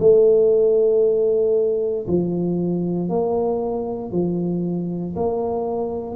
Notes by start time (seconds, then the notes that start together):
0.00 A3
2.08 F3
3.10 A#3
4.12 F3
5.16 A#3